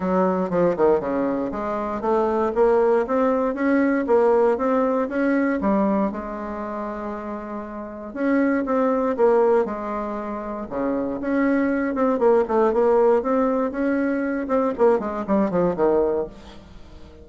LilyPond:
\new Staff \with { instrumentName = "bassoon" } { \time 4/4 \tempo 4 = 118 fis4 f8 dis8 cis4 gis4 | a4 ais4 c'4 cis'4 | ais4 c'4 cis'4 g4 | gis1 |
cis'4 c'4 ais4 gis4~ | gis4 cis4 cis'4. c'8 | ais8 a8 ais4 c'4 cis'4~ | cis'8 c'8 ais8 gis8 g8 f8 dis4 | }